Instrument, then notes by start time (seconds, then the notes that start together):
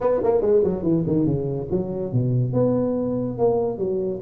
tuba
0.00 B3
0.23 A#3
0.41 G#3
0.63 F#3
0.82 E3
1.07 D#3
1.25 C#3
1.70 F#3
2.12 B2
2.53 B3
3.37 A#3
3.77 F#3